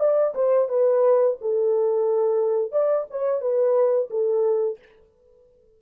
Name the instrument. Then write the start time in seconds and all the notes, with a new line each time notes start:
horn
0.00 D5
0.35 C5
0.69 B4
1.41 A4
2.72 D5
3.11 C#5
3.41 B4
4.11 A4